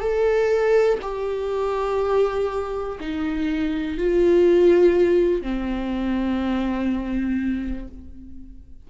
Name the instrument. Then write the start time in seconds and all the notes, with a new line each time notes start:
viola
0.00 A4
1.01 G4
3.00 D#4
3.97 F4
5.41 C4